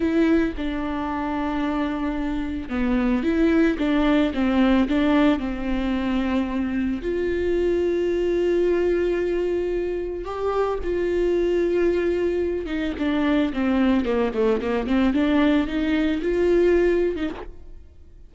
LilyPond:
\new Staff \with { instrumentName = "viola" } { \time 4/4 \tempo 4 = 111 e'4 d'2.~ | d'4 b4 e'4 d'4 | c'4 d'4 c'2~ | c'4 f'2.~ |
f'2. g'4 | f'2.~ f'8 dis'8 | d'4 c'4 ais8 a8 ais8 c'8 | d'4 dis'4 f'4.~ f'16 dis'16 | }